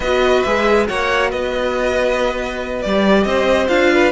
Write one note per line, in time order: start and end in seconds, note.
0.00 0.42 B3
0.00 0.46 F#4
0.00 0.87 B4
0.00 0.42 D#5
0.42 0.89 G#3
0.42 0.86 G#4
0.42 0.86 E5
0.86 1.32 A#3
0.86 2.82 F#4
0.86 1.30 C#5
0.86 1.30 F#5
1.30 2.84 B3
1.30 3.25 B4
1.30 2.82 D#5
2.82 3.25 G3
2.82 3.68 G4
2.82 3.23 D5
3.23 3.68 C4
3.23 3.93 C5
3.23 3.67 D#5
3.68 4.11 D4
3.68 4.11 F4
3.68 4.11 F5
3.93 4.11 B4